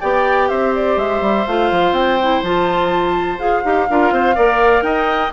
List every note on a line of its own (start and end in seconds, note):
0.00 0.50 B3
0.00 1.46 G4
0.00 0.48 D5
0.00 0.48 G5
0.48 0.96 C4
0.48 3.87 C5
0.48 0.73 E5
0.75 0.98 D5
0.96 1.21 G#3
0.96 1.46 E5
1.21 1.45 G3
1.46 1.71 A3
1.46 2.20 F4
1.46 1.93 F5
1.71 1.91 F3
1.91 2.40 C4
1.91 2.42 G5
2.21 2.44 E4
2.42 3.38 F3
2.42 3.38 F4
2.42 3.38 A5
3.38 3.62 F4
3.38 3.62 G#4
3.38 4.82 F5
3.63 3.88 D#4
3.63 3.87 G4
3.89 4.11 D4
3.89 4.35 F4
3.89 4.13 A#4
4.11 4.35 C4
4.11 4.35 C5
4.35 4.82 A#3
4.35 5.31 A#4
4.35 4.83 D5
4.82 5.30 D#4
4.82 5.32 D#5
4.82 5.31 G5